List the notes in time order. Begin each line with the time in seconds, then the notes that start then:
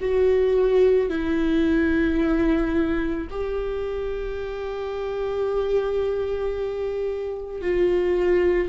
0.00 F#4
1.09 E4
3.30 G4
7.61 F4